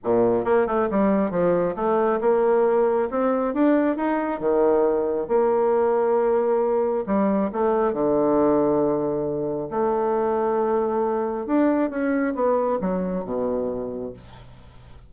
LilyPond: \new Staff \with { instrumentName = "bassoon" } { \time 4/4 \tempo 4 = 136 ais,4 ais8 a8 g4 f4 | a4 ais2 c'4 | d'4 dis'4 dis2 | ais1 |
g4 a4 d2~ | d2 a2~ | a2 d'4 cis'4 | b4 fis4 b,2 | }